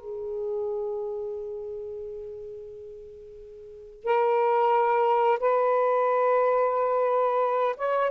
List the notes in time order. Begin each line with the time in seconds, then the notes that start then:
0.00 G#4
4.04 A#4
5.39 B4
7.77 C#5